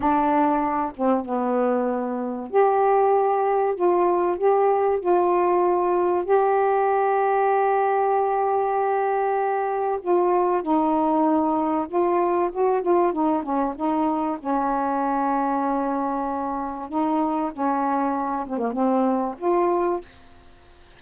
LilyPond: \new Staff \with { instrumentName = "saxophone" } { \time 4/4 \tempo 4 = 96 d'4. c'8 b2 | g'2 f'4 g'4 | f'2 g'2~ | g'1 |
f'4 dis'2 f'4 | fis'8 f'8 dis'8 cis'8 dis'4 cis'4~ | cis'2. dis'4 | cis'4. c'16 ais16 c'4 f'4 | }